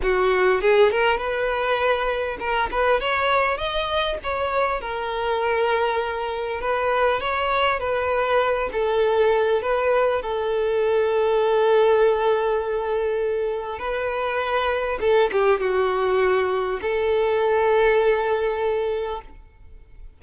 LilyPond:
\new Staff \with { instrumentName = "violin" } { \time 4/4 \tempo 4 = 100 fis'4 gis'8 ais'8 b'2 | ais'8 b'8 cis''4 dis''4 cis''4 | ais'2. b'4 | cis''4 b'4. a'4. |
b'4 a'2.~ | a'2. b'4~ | b'4 a'8 g'8 fis'2 | a'1 | }